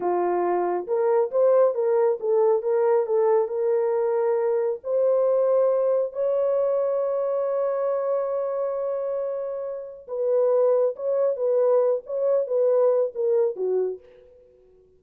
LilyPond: \new Staff \with { instrumentName = "horn" } { \time 4/4 \tempo 4 = 137 f'2 ais'4 c''4 | ais'4 a'4 ais'4 a'4 | ais'2. c''4~ | c''2 cis''2~ |
cis''1~ | cis''2. b'4~ | b'4 cis''4 b'4. cis''8~ | cis''8 b'4. ais'4 fis'4 | }